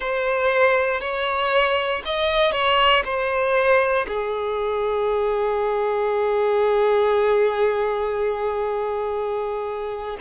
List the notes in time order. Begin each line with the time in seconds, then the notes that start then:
0.00 C5
1.00 C#5
2.05 D#5
2.51 C#5
3.04 C5
4.07 G#4